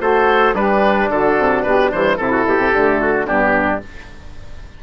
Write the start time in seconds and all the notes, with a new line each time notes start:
0.00 A3 F#4 A4 C5
0.54 G3 D4 G4 B4
1.09 D3 F#4 A4
1.38 C3
1.63 B2 G4 B4
1.91 E3 G3 C5
2.17 C3 E4 A4
2.31 F#4
2.46 B2 G4
2.58 C3
2.73 D3 A3
3.01 F#4
3.26 G2 B3 D4 G4